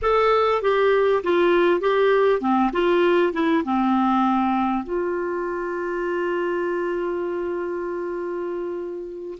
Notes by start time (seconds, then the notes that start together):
0.02 A4
0.62 G4
1.23 F4
1.80 G4
2.40 C4
2.72 F4
3.33 E4
3.64 C4
4.83 F4